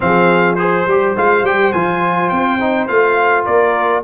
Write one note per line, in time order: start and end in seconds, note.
0.00 0.86 F3
0.00 0.57 C4
0.00 0.60 G#4
0.00 0.55 F5
0.55 0.86 G#4
0.55 1.12 C5
0.55 3.45 C5
0.86 1.15 G3
0.86 1.16 G4
1.16 1.42 G#3
1.16 1.45 F4
1.16 1.45 F5
1.42 1.71 G3
1.42 1.74 G4
1.42 1.72 G5
1.72 2.31 F3
1.72 2.59 F4
1.72 2.29 G#5
2.29 2.88 C4
2.29 2.87 G5
2.59 2.88 D#4
2.87 3.46 A3
2.87 4.03 F4
2.87 3.45 F5
3.45 4.03 A#3
3.45 4.03 A#4
3.45 4.03 D5